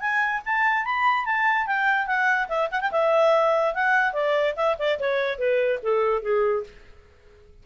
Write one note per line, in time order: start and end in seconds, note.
0.00 0.41 G#5
0.45 0.85 A5
0.85 1.25 B5
1.25 1.66 A5
1.66 2.07 G5
2.07 2.48 F#5
2.48 2.69 E5
2.71 2.80 F#5
2.80 2.91 G5
2.91 3.74 E5
3.74 4.13 F#5
4.13 4.54 D5
4.56 4.77 E5
4.78 4.99 D5
4.99 5.38 C#5
5.38 5.79 B4
5.82 6.22 A4
6.22 6.63 G#4